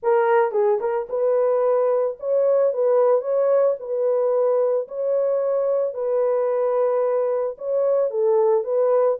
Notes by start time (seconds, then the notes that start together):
0.03 A#4
0.51 G#4
0.80 A#4
1.09 B4
2.19 C#5
2.73 B4
3.21 C#5
3.79 B4
4.87 C#5
5.94 B4
7.58 C#5
8.10 A4
8.64 B4